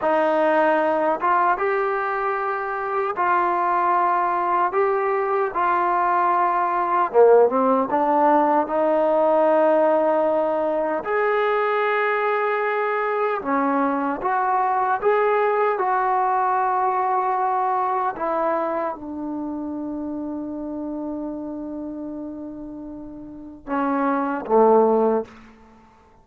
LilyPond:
\new Staff \with { instrumentName = "trombone" } { \time 4/4 \tempo 4 = 76 dis'4. f'8 g'2 | f'2 g'4 f'4~ | f'4 ais8 c'8 d'4 dis'4~ | dis'2 gis'2~ |
gis'4 cis'4 fis'4 gis'4 | fis'2. e'4 | d'1~ | d'2 cis'4 a4 | }